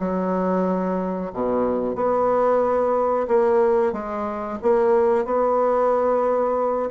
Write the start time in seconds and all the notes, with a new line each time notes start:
0.00 F#3
1.33 B2
1.96 B3
3.28 A#3
3.93 G#3
4.62 A#3
5.26 B3